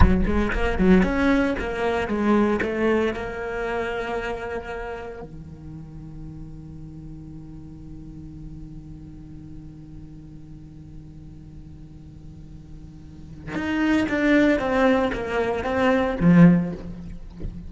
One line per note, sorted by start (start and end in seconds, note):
0.00 0.22 F#3
0.26 0.52 G#3
0.52 0.78 A#3
0.78 1.03 F#3
1.03 1.55 C#4
1.59 2.07 A#3
2.07 2.59 G#3
2.62 3.13 A3
3.13 5.22 A#3
5.22 13.54 D#3
13.54 14.07 D#4
14.08 14.59 D4
14.59 15.11 C4
15.13 15.64 A#3
15.64 16.16 C4
16.20 16.72 F3